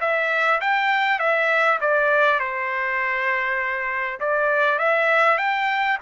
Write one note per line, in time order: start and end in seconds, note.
0.00 0.60 E5
0.60 1.19 G5
1.19 1.79 E5
1.81 2.39 D5
2.39 4.19 C5
4.20 4.78 D5
4.78 5.38 E5
5.38 5.98 G5